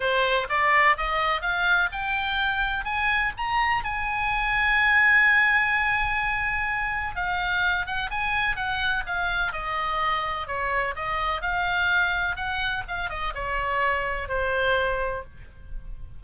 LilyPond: \new Staff \with { instrumentName = "oboe" } { \time 4/4 \tempo 4 = 126 c''4 d''4 dis''4 f''4 | g''2 gis''4 ais''4 | gis''1~ | gis''2. f''4~ |
f''8 fis''8 gis''4 fis''4 f''4 | dis''2 cis''4 dis''4 | f''2 fis''4 f''8 dis''8 | cis''2 c''2 | }